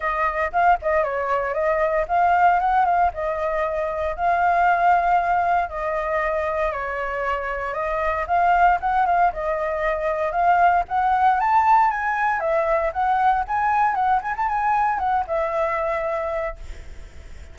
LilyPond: \new Staff \with { instrumentName = "flute" } { \time 4/4 \tempo 4 = 116 dis''4 f''8 dis''8 cis''4 dis''4 | f''4 fis''8 f''8 dis''2 | f''2. dis''4~ | dis''4 cis''2 dis''4 |
f''4 fis''8 f''8 dis''2 | f''4 fis''4 a''4 gis''4 | e''4 fis''4 gis''4 fis''8 gis''16 a''16 | gis''4 fis''8 e''2~ e''8 | }